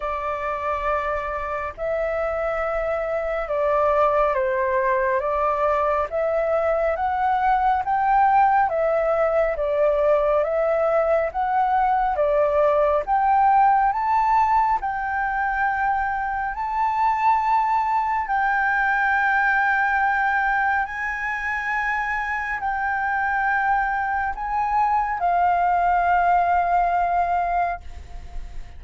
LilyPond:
\new Staff \with { instrumentName = "flute" } { \time 4/4 \tempo 4 = 69 d''2 e''2 | d''4 c''4 d''4 e''4 | fis''4 g''4 e''4 d''4 | e''4 fis''4 d''4 g''4 |
a''4 g''2 a''4~ | a''4 g''2. | gis''2 g''2 | gis''4 f''2. | }